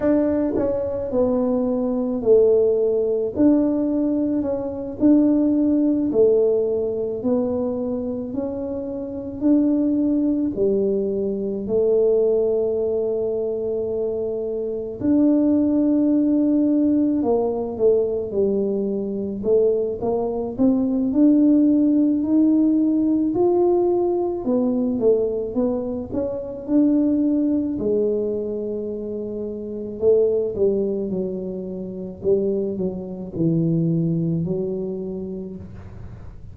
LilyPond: \new Staff \with { instrumentName = "tuba" } { \time 4/4 \tempo 4 = 54 d'8 cis'8 b4 a4 d'4 | cis'8 d'4 a4 b4 cis'8~ | cis'8 d'4 g4 a4.~ | a4. d'2 ais8 |
a8 g4 a8 ais8 c'8 d'4 | dis'4 f'4 b8 a8 b8 cis'8 | d'4 gis2 a8 g8 | fis4 g8 fis8 e4 fis4 | }